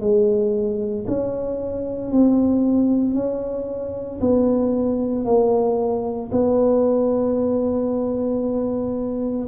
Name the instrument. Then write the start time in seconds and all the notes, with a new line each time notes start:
tuba
0.00 G#3
1.07 C#4
2.11 C4
3.14 C#4
4.20 B3
5.24 A#3
6.32 B3